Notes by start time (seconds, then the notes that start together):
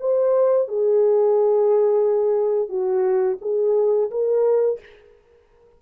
0.00 C5
0.68 G#4
2.69 F#4
3.41 G#4
4.11 A#4